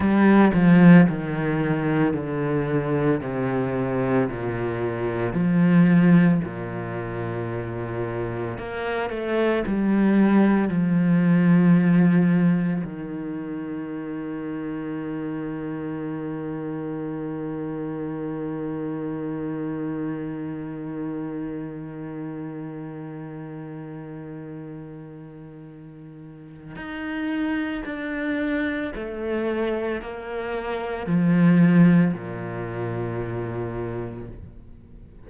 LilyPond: \new Staff \with { instrumentName = "cello" } { \time 4/4 \tempo 4 = 56 g8 f8 dis4 d4 c4 | ais,4 f4 ais,2 | ais8 a8 g4 f2 | dis1~ |
dis1~ | dis1~ | dis4 dis'4 d'4 a4 | ais4 f4 ais,2 | }